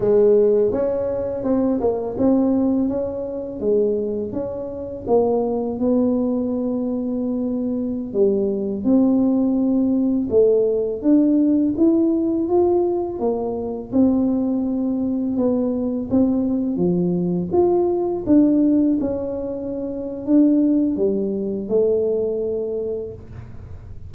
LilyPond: \new Staff \with { instrumentName = "tuba" } { \time 4/4 \tempo 4 = 83 gis4 cis'4 c'8 ais8 c'4 | cis'4 gis4 cis'4 ais4 | b2.~ b16 g8.~ | g16 c'2 a4 d'8.~ |
d'16 e'4 f'4 ais4 c'8.~ | c'4~ c'16 b4 c'4 f8.~ | f16 f'4 d'4 cis'4.~ cis'16 | d'4 g4 a2 | }